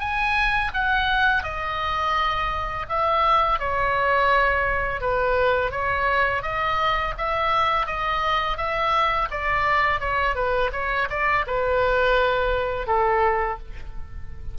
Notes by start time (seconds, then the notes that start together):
0.00 G#5
0.74 F#5
1.44 D#5
2.89 E5
3.60 C#5
5.01 B4
5.71 C#5
6.43 D#5
7.18 E5
7.87 D#5
8.57 E5
9.31 D5
10.00 C#5
10.35 B4
10.73 C#5
11.10 D5
11.47 B4
12.87 A4